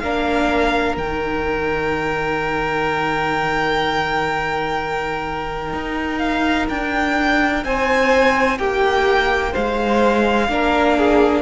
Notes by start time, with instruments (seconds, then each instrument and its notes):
0.00 cello A#3, viola D4, violin A#4 F5
0.97 cello D#3, viola D#4, violin G5
5.73 cello D#4
6.18 violin F5
6.69 cello D4, violin G5
7.64 cello C4, violin C5 G#5
8.58 cello A#3, violin G4 G5
9.52 cello G#3, violin C5 F5
10.49 cello A#3, viola D4, violin A#4
10.98 violin G#4